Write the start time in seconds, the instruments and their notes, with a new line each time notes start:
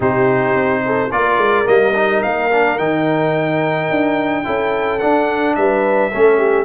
0.00 tuba C3, trombone D#4, horn G4, trumpet C5
0.54 tuba C4
0.85 horn A4
1.11 tuba A#3, trombone F4, horn A#4, trumpet D5
1.37 tuba G#3
1.65 tuba G3, trombone A#3, trumpet D#5
1.94 trombone D#4
2.22 tuba A#3, trumpet F5
2.50 trombone D4
2.78 tuba D#3, trombone D#4, trumpet G5
3.90 tuba D4
4.44 tuba C#4, trombone E4, horn A4
4.99 trombone D4, tuba D4, trumpet F#5
5.55 tuba G3, horn B4, trumpet E5
6.11 tuba A3, trombone C#4, horn A4
6.37 horn G4